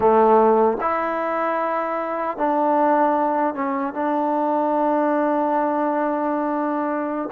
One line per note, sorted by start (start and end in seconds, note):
0.00 0.77 A3
0.80 2.37 E4
2.37 3.54 D4
3.54 3.93 C#4
3.93 7.28 D4